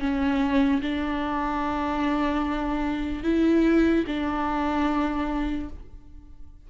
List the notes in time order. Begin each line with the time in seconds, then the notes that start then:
0.00 C#4
0.82 D4
3.24 E4
4.07 D4